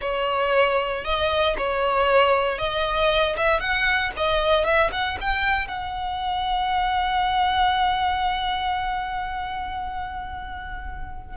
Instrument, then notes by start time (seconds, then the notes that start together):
violin
0.01 C#5
1.04 D#5
1.57 C#5
2.58 D#5
3.36 E5
3.59 F#5
4.16 D#5
4.64 E5
4.92 F#5
5.20 G5
5.67 F#5